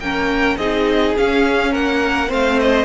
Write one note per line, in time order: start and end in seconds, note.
0.00 0.57 A#3
0.00 0.60 C#4
0.00 0.59 A#4
0.00 0.58 G5
0.58 1.15 C4
0.58 1.17 D#4
0.58 1.72 G#4
0.58 1.15 D#5
1.17 2.28 C#4
1.17 1.75 C#4
1.17 1.75 F5
1.72 2.32 A#3
1.72 2.29 A#4
1.72 2.32 F#5
2.28 2.85 A3
2.28 2.85 C4
2.28 2.85 C5
2.28 2.60 F5
2.60 2.85 D#5